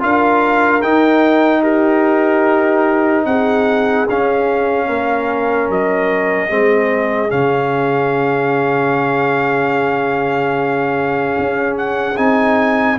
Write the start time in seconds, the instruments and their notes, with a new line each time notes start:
0.00 tuba D4, trombone F4, horn A#4, trumpet F5
0.82 tuba D#4, trombone D#4, trumpet G5
1.62 horn G4, trumpet A#4
3.25 tuba C4, horn G#4, trumpet F#5
4.09 tuba C#4, trombone C#4, trumpet F5
4.87 tuba A#3, horn A#4
5.69 tuba F#3, trumpet D#5
6.50 tuba G#3, trombone C4, horn G#4
7.29 tuba C#3, trombone C#4, trumpet F5
11.39 tuba C#4
11.78 trumpet F#5
12.17 tuba C4, trombone D#4, trumpet G#5